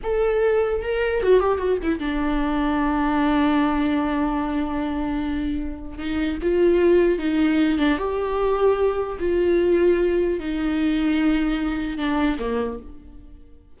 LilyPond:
\new Staff \with { instrumentName = "viola" } { \time 4/4 \tempo 4 = 150 a'2 ais'4 fis'8 g'8 | fis'8 e'8 d'2.~ | d'1~ | d'2. dis'4 |
f'2 dis'4. d'8 | g'2. f'4~ | f'2 dis'2~ | dis'2 d'4 ais4 | }